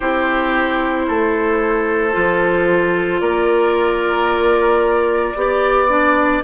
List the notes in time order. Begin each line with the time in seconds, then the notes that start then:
0.00 C4 E4 G4 C5
1.07 A3 A4
2.12 F3 F4
3.20 A#3 A#4 D5
5.35 B3 G4 D5
5.88 D4